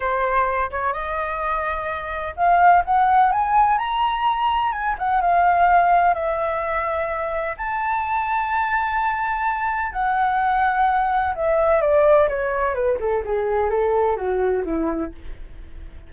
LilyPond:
\new Staff \with { instrumentName = "flute" } { \time 4/4 \tempo 4 = 127 c''4. cis''8 dis''2~ | dis''4 f''4 fis''4 gis''4 | ais''2 gis''8 fis''8 f''4~ | f''4 e''2. |
a''1~ | a''4 fis''2. | e''4 d''4 cis''4 b'8 a'8 | gis'4 a'4 fis'4 e'4 | }